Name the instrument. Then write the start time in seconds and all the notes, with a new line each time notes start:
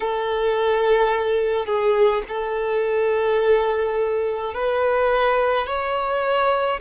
violin
0.00 A4
1.66 G#4
2.28 A4
4.53 B4
5.66 C#5